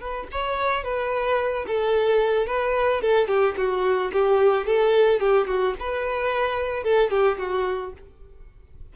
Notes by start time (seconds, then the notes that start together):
0.00 B4
0.31 C#5
0.84 B4
1.67 A4
2.47 B4
3.01 A4
3.27 G4
3.57 F#4
4.12 G4
4.66 A4
5.20 G4
5.47 F#4
5.80 B4
6.84 A4
7.10 G4
7.38 F#4